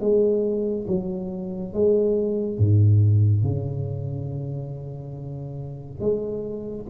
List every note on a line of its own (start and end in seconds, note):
0.00 0.86 G#3
0.87 1.73 F#3
1.73 2.58 G#3
2.58 3.43 G#2
3.43 6.00 C#3
6.00 6.86 G#3